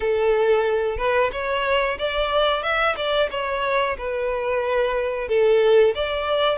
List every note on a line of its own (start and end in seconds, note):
0.00 0.97 A4
0.97 1.30 B4
1.32 1.98 C#5
1.98 2.62 D5
2.62 2.95 E5
2.96 3.29 D5
3.31 3.97 C#5
3.97 5.28 B4
5.28 5.94 A4
5.95 6.58 D5